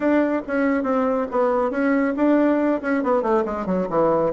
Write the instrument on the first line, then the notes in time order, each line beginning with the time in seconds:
bassoon
0.00 D4
0.47 C#4
0.83 C4
1.31 B3
1.71 C#4
2.16 D4
2.81 C#4
3.03 B3
3.22 A3
3.45 G#3
3.66 F#3
3.89 E3